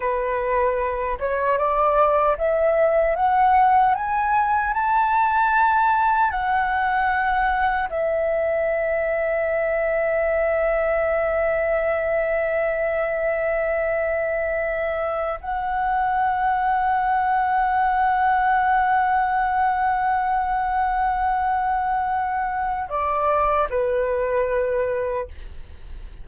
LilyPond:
\new Staff \with { instrumentName = "flute" } { \time 4/4 \tempo 4 = 76 b'4. cis''8 d''4 e''4 | fis''4 gis''4 a''2 | fis''2 e''2~ | e''1~ |
e''2.~ e''8 fis''8~ | fis''1~ | fis''1~ | fis''4 d''4 b'2 | }